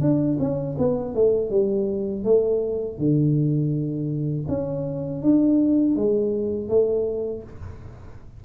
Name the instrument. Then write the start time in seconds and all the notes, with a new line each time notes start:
tuba
0.00 D4
0.39 C#4
0.78 B3
1.14 A3
1.50 G3
2.24 A3
2.98 D3
4.48 C#4
5.22 D4
5.95 G#3
6.68 A3